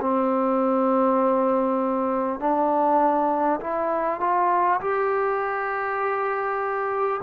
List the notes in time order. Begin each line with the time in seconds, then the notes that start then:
0.00 C4
2.39 D4
3.60 E4
4.20 F4
4.81 G4